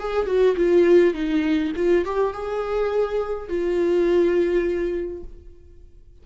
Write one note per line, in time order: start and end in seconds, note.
0.00 0.27 G#4
0.27 0.56 F#4
0.57 1.14 F4
1.14 1.73 D#4
1.76 2.05 F4
2.06 2.34 G4
2.34 3.49 G#4
3.49 5.24 F4